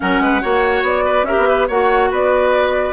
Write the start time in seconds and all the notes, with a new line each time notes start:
0.00 F#3 C#4 A#4 F#5
0.20 G#3 B4
0.41 A#3 F#4 C#5
0.82 B3 D5
1.04 B4
1.23 C#4 G4 A#4 E5
1.37 B3
1.48 B4
1.67 A#3 F#4 C#5 F#5
2.10 B3 B4 D5